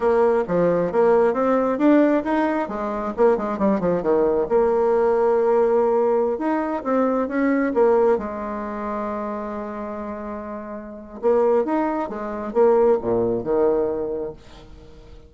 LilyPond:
\new Staff \with { instrumentName = "bassoon" } { \time 4/4 \tempo 4 = 134 ais4 f4 ais4 c'4 | d'4 dis'4 gis4 ais8 gis8 | g8 f8 dis4 ais2~ | ais2~ ais16 dis'4 c'8.~ |
c'16 cis'4 ais4 gis4.~ gis16~ | gis1~ | gis4 ais4 dis'4 gis4 | ais4 ais,4 dis2 | }